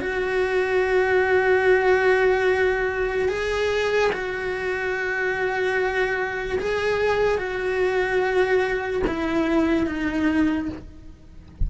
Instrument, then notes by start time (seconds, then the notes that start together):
cello
0.00 F#4
3.28 G#4
4.12 F#4
6.59 G#4
7.37 F#4
9.07 E4
9.86 D#4